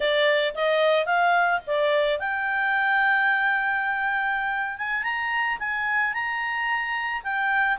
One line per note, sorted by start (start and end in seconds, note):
0.00 0.54 D5
0.55 1.05 D#5
1.05 1.60 F5
1.66 2.19 D5
2.19 4.78 G5
4.78 5.03 G#5
5.03 5.58 A#5
5.59 6.13 G#5
6.13 7.22 A#5
7.23 7.78 G5